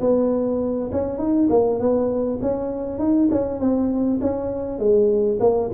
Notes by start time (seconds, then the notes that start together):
0.00 B3
0.92 C#4
1.18 D#4
1.49 A#3
1.79 B3
2.41 C#4
2.98 D#4
3.31 C#4
3.59 C4
4.21 C#4
4.78 G#3
5.40 A#3